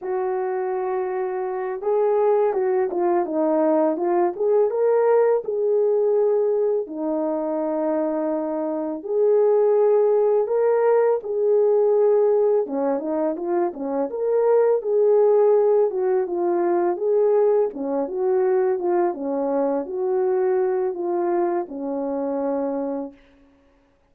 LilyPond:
\new Staff \with { instrumentName = "horn" } { \time 4/4 \tempo 4 = 83 fis'2~ fis'8 gis'4 fis'8 | f'8 dis'4 f'8 gis'8 ais'4 gis'8~ | gis'4. dis'2~ dis'8~ | dis'8 gis'2 ais'4 gis'8~ |
gis'4. cis'8 dis'8 f'8 cis'8 ais'8~ | ais'8 gis'4. fis'8 f'4 gis'8~ | gis'8 cis'8 fis'4 f'8 cis'4 fis'8~ | fis'4 f'4 cis'2 | }